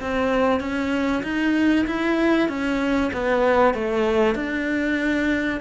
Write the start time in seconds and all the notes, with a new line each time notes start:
0.00 C4
0.60 C#4
1.23 D#4
1.86 E4
2.48 C#4
3.13 B3
3.74 A3
4.35 D4